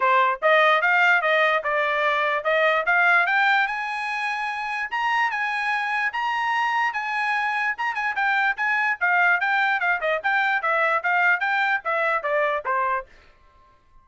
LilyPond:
\new Staff \with { instrumentName = "trumpet" } { \time 4/4 \tempo 4 = 147 c''4 dis''4 f''4 dis''4 | d''2 dis''4 f''4 | g''4 gis''2. | ais''4 gis''2 ais''4~ |
ais''4 gis''2 ais''8 gis''8 | g''4 gis''4 f''4 g''4 | f''8 dis''8 g''4 e''4 f''4 | g''4 e''4 d''4 c''4 | }